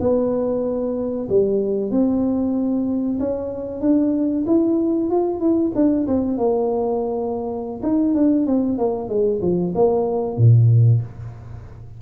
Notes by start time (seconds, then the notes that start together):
0.00 B3
1.29 G3
1.91 C4
3.19 C#4
3.81 D4
4.47 E4
5.10 F4
5.40 E4
5.75 D4
6.07 C4
6.37 A#3
7.82 D#4
8.14 D4
8.46 C4
8.78 A#3
9.08 G#3
9.41 F3
9.75 A#3
10.37 A#2